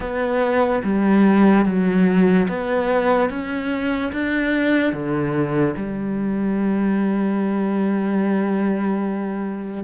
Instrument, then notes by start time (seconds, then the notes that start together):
cello
0.00 B3
0.83 G3
1.65 F#3
2.48 B3
3.29 C#4
4.12 D4
4.92 D3
5.76 G3